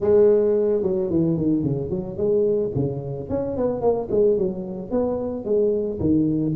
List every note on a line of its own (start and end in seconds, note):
0.00 0.82 G#3
0.82 1.09 F#3
1.10 1.37 E3
1.37 1.63 D#3
1.63 1.90 C#3
1.90 2.17 F#3
2.17 2.71 G#3
2.75 3.29 C#3
3.29 3.56 C#4
3.56 3.81 B3
3.81 4.08 A#3
4.10 4.37 G#3
4.37 4.91 F#3
4.91 5.44 B3
5.44 5.99 G#3
6.00 6.54 D#3